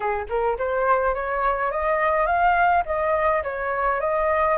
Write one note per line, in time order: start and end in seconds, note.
0.00 0.26 G#4
0.29 0.57 A#4
0.58 1.14 C5
1.14 1.71 C#5
1.71 2.26 D#5
2.26 2.83 F5
2.85 3.42 D#5
3.43 4.00 C#5
4.00 4.57 D#5